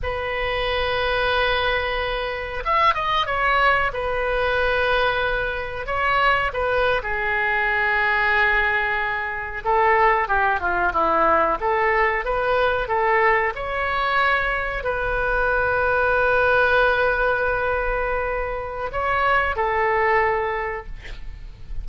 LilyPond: \new Staff \with { instrumentName = "oboe" } { \time 4/4 \tempo 4 = 92 b'1 | e''8 dis''8 cis''4 b'2~ | b'4 cis''4 b'8. gis'4~ gis'16~ | gis'2~ gis'8. a'4 g'16~ |
g'16 f'8 e'4 a'4 b'4 a'16~ | a'8. cis''2 b'4~ b'16~ | b'1~ | b'4 cis''4 a'2 | }